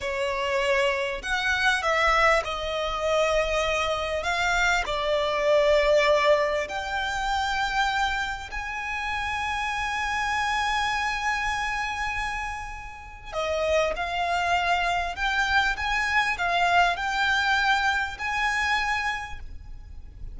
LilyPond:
\new Staff \with { instrumentName = "violin" } { \time 4/4 \tempo 4 = 99 cis''2 fis''4 e''4 | dis''2. f''4 | d''2. g''4~ | g''2 gis''2~ |
gis''1~ | gis''2 dis''4 f''4~ | f''4 g''4 gis''4 f''4 | g''2 gis''2 | }